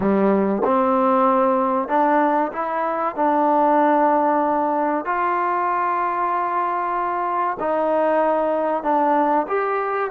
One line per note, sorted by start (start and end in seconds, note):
0.00 0.62 G3
0.64 1.88 C4
1.88 2.51 D4
2.52 3.15 E4
3.15 5.05 D4
5.05 7.57 F4
7.59 8.83 D#4
8.83 9.46 D4
9.47 10.11 G4